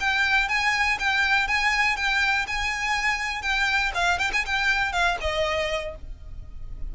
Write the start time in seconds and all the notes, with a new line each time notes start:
0.00 G5
0.48 G#5
0.99 G5
1.47 G#5
1.96 G5
2.47 G#5
3.42 G5
3.94 F5
4.19 G5
4.33 G#5
4.45 G5
4.92 F5
5.20 D#5